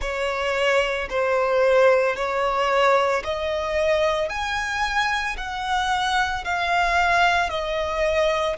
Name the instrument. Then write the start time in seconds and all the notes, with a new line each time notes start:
violin
0.00 C#5
1.10 C5
2.15 C#5
3.23 D#5
4.29 G#5
5.37 F#5
6.44 F5
7.49 D#5